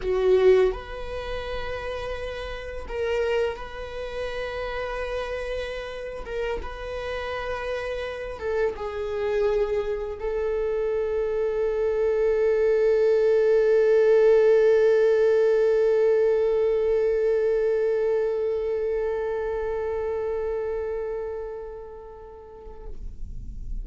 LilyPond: \new Staff \with { instrumentName = "viola" } { \time 4/4 \tempo 4 = 84 fis'4 b'2. | ais'4 b'2.~ | b'8. ais'8 b'2~ b'8 a'16~ | a'16 gis'2 a'4.~ a'16~ |
a'1~ | a'1~ | a'1~ | a'1 | }